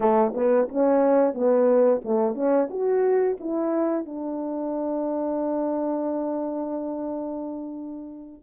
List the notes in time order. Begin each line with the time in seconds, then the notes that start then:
0.00 A3
0.34 B3
0.68 C#4
1.33 B3
2.04 A3
2.34 C#4
2.70 F#4
3.40 E4
4.05 D4